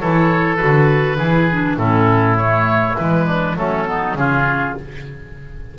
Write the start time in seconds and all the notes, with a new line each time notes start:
0.00 E3 E4 A4 C#5
0.56 F#4 B4
0.63 D3
1.17 E3 E4 G#4
1.52 D4
1.77 A2 C#4 E4 A4
2.37 A3 C#5
2.98 E3 G#3 B4
3.26 D4
3.56 F#3 A3 C#4 A4
3.86 B3 D#4
4.14 C#3 C#4 F4 G#4